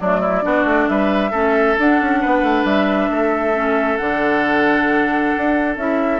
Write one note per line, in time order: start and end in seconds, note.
0.00 0.44 F#3
0.00 0.42 A3
0.00 0.20 D4
0.00 0.88 D5
0.20 0.43 E4
0.42 0.65 B3
0.42 1.31 D4
0.42 0.90 F#4
0.65 0.87 A3
0.88 1.32 G3
0.88 1.31 B4
0.88 1.77 E5
1.31 1.76 A3
1.31 1.78 C#4
1.31 2.20 A4
1.78 3.54 D4
1.78 2.01 D4
1.78 2.65 F#5
2.01 2.24 C#4
2.21 2.43 B3
2.21 3.10 B4
2.43 2.64 A3
2.64 3.09 G3
2.64 3.97 E5
3.10 3.99 A3
3.10 6.20 A4
3.54 3.99 C#4
3.97 5.34 D3
3.97 5.77 D4
3.97 5.75 F#5
5.37 5.77 D4
5.77 6.20 C#4
5.77 6.20 E4
5.77 6.20 E5